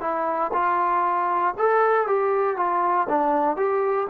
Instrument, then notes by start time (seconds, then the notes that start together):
trombone
0.00 E4
0.52 F4
1.58 A4
2.06 G4
2.56 F4
3.09 D4
3.56 G4